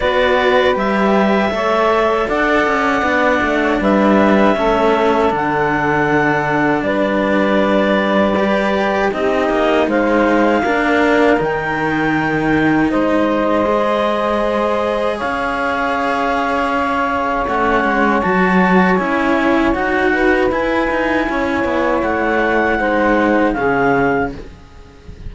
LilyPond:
<<
  \new Staff \with { instrumentName = "clarinet" } { \time 4/4 \tempo 4 = 79 d''4 e''2 fis''4~ | fis''4 e''2 fis''4~ | fis''4 d''2. | dis''4 f''2 g''4~ |
g''4 dis''2. | f''2. fis''4 | a''4 gis''4 fis''4 gis''4~ | gis''4 fis''2 f''4 | }
  \new Staff \with { instrumentName = "saxophone" } { \time 4/4 b'2 cis''4 d''4~ | d''8. cis''16 b'4 a'2~ | a'4 b'2. | g'4 c''4 ais'2~ |
ais'4 c''2. | cis''1~ | cis''2~ cis''8 b'4. | cis''2 c''4 gis'4 | }
  \new Staff \with { instrumentName = "cello" } { \time 4/4 fis'4 g'4 a'2 | d'2 cis'4 d'4~ | d'2. g'4 | dis'2 d'4 dis'4~ |
dis'2 gis'2~ | gis'2. cis'4 | fis'4 e'4 fis'4 e'4~ | e'2 dis'4 cis'4 | }
  \new Staff \with { instrumentName = "cello" } { \time 4/4 b4 g4 a4 d'8 cis'8 | b8 a8 g4 a4 d4~ | d4 g2. | c'8 ais8 gis4 ais4 dis4~ |
dis4 gis2. | cis'2. a8 gis8 | fis4 cis'4 dis'4 e'8 dis'8 | cis'8 b8 a4 gis4 cis4 | }
>>